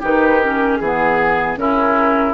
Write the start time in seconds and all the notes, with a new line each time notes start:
0.00 D#3 D#4 G4 B4
0.42 C#4 A#4
0.76 E3 G#4
0.84 B3
1.56 C#3 C#4 E4 A#4